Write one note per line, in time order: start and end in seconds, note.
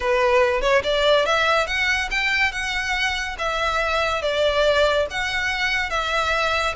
0.00 0.61 B4
0.61 0.82 C#5
0.83 1.25 D5
1.25 1.66 E5
1.66 2.09 F#5
2.10 2.51 G5
2.51 3.36 F#5
3.38 4.22 E5
4.22 5.06 D5
5.10 5.90 F#5
5.90 6.74 E5